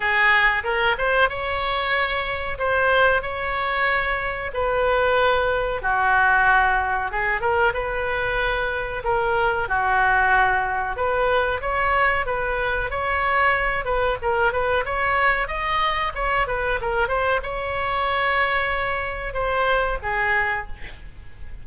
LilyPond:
\new Staff \with { instrumentName = "oboe" } { \time 4/4 \tempo 4 = 93 gis'4 ais'8 c''8 cis''2 | c''4 cis''2 b'4~ | b'4 fis'2 gis'8 ais'8 | b'2 ais'4 fis'4~ |
fis'4 b'4 cis''4 b'4 | cis''4. b'8 ais'8 b'8 cis''4 | dis''4 cis''8 b'8 ais'8 c''8 cis''4~ | cis''2 c''4 gis'4 | }